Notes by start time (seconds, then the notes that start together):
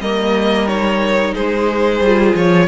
0.00 G3 A#3 A#4 D#5
0.67 D#4 C#5
1.34 G#3 G#4 C5
2.00 G3 F4
2.35 F3 C#5